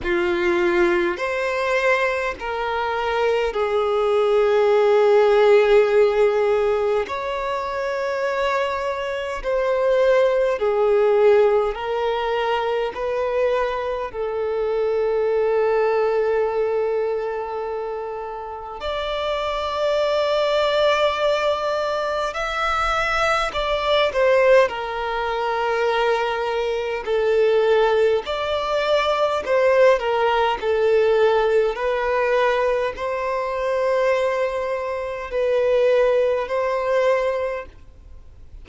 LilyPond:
\new Staff \with { instrumentName = "violin" } { \time 4/4 \tempo 4 = 51 f'4 c''4 ais'4 gis'4~ | gis'2 cis''2 | c''4 gis'4 ais'4 b'4 | a'1 |
d''2. e''4 | d''8 c''8 ais'2 a'4 | d''4 c''8 ais'8 a'4 b'4 | c''2 b'4 c''4 | }